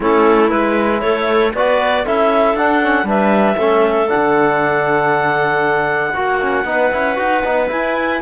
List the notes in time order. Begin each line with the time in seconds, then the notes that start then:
0.00 A3 C#4 E4 A4
0.49 G#3 E4 B4
1.01 A3 A4 C#5
1.54 B3 F#4 B4 D5
2.04 C#4 E4 A4 E5
2.54 D4 F#5
2.82 C#4
3.03 G3 D4 B4 E5
3.57 A3 C#4 A4
4.07 D4 F#5
4.15 D3
6.13 A#3 F#4
6.41 C#4
6.64 B3 D#4 B4
6.91 C#4 E4
7.15 D#4 F#4
7.44 B3 D#4
7.67 E4 G#5